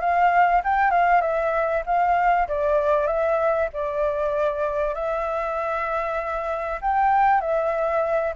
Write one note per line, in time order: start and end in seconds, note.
0.00 0.62 F5
0.64 0.91 G5
0.91 1.21 F5
1.21 1.83 E5
1.86 2.47 F5
2.48 3.07 D5
3.07 3.69 E5
3.73 4.94 D5
4.94 6.80 E5
6.81 7.41 G5
7.41 8.33 E5